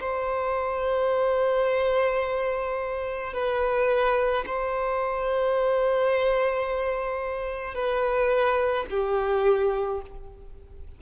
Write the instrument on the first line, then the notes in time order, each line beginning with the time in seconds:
violin
0.00 C5
3.33 B4
4.46 C5
7.74 B4
8.90 G4